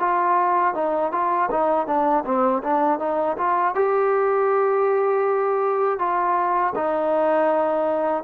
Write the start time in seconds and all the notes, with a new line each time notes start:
0.00 F4
0.75 D#4
1.12 F4
1.51 D#4
1.87 D4
2.25 C4
2.64 D4
2.99 D#4
3.38 F4
3.75 G4
5.99 F4
6.75 D#4